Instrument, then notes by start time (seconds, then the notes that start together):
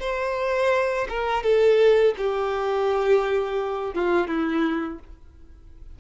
violin
0.00 C5
1.09 A#4
1.43 A4
2.17 G4
3.94 F4
4.27 E4